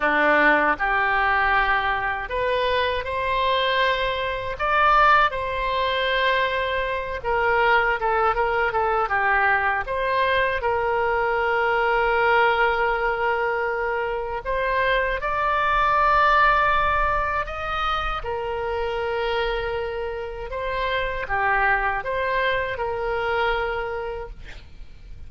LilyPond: \new Staff \with { instrumentName = "oboe" } { \time 4/4 \tempo 4 = 79 d'4 g'2 b'4 | c''2 d''4 c''4~ | c''4. ais'4 a'8 ais'8 a'8 | g'4 c''4 ais'2~ |
ais'2. c''4 | d''2. dis''4 | ais'2. c''4 | g'4 c''4 ais'2 | }